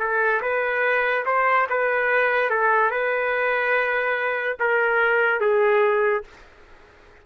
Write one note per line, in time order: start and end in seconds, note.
0.00 0.42 A4
0.42 1.25 B4
1.26 1.67 C5
1.70 2.50 B4
2.50 2.91 A4
2.91 4.58 B4
4.60 5.41 A#4
5.41 6.24 G#4